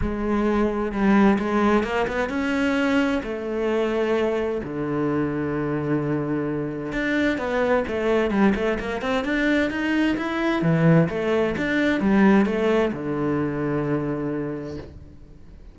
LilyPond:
\new Staff \with { instrumentName = "cello" } { \time 4/4 \tempo 4 = 130 gis2 g4 gis4 | ais8 b8 cis'2 a4~ | a2 d2~ | d2. d'4 |
b4 a4 g8 a8 ais8 c'8 | d'4 dis'4 e'4 e4 | a4 d'4 g4 a4 | d1 | }